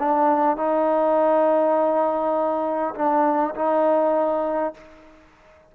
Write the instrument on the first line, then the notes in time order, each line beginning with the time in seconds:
trombone
0.00 D4
0.57 D#4
2.96 D4
3.56 D#4